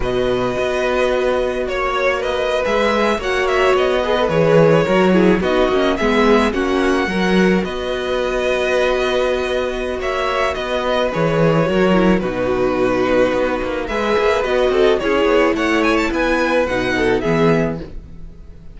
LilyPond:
<<
  \new Staff \with { instrumentName = "violin" } { \time 4/4 \tempo 4 = 108 dis''2. cis''4 | dis''8. e''4 fis''8 e''8 dis''4 cis''16~ | cis''4.~ cis''16 dis''4 e''4 fis''16~ | fis''4.~ fis''16 dis''2~ dis''16~ |
dis''2 e''4 dis''4 | cis''2 b'2~ | b'4 e''4 dis''4 cis''4 | fis''8 gis''16 a''16 gis''4 fis''4 e''4 | }
  \new Staff \with { instrumentName = "violin" } { \time 4/4 b'2. cis''4 | b'4.~ b'16 cis''4. b'8.~ | b'8. ais'8 gis'8 fis'4 gis'4 fis'16~ | fis'8. ais'4 b'2~ b'16~ |
b'2 cis''4 b'4~ | b'4 ais'4 fis'2~ | fis'4 b'4. a'8 gis'4 | cis''4 b'4. a'8 gis'4 | }
  \new Staff \with { instrumentName = "viola" } { \time 4/4 fis'1~ | fis'8. gis'4 fis'4. gis'16 a'16 gis'16~ | gis'8. fis'8 e'8 dis'8 cis'8 b4 cis'16~ | cis'8. fis'2.~ fis'16~ |
fis'1 | gis'4 fis'8 e'8 dis'2~ | dis'4 gis'4 fis'4 e'4~ | e'2 dis'4 b4 | }
  \new Staff \with { instrumentName = "cello" } { \time 4/4 b,4 b2 ais4~ | ais8. gis4 ais4 b4 e16~ | e8. fis4 b8 ais8 gis4 ais16~ | ais8. fis4 b2~ b16~ |
b2 ais4 b4 | e4 fis4 b,2 | b8 ais8 gis8 ais8 b8 c'8 cis'8 b8 | a4 b4 b,4 e4 | }
>>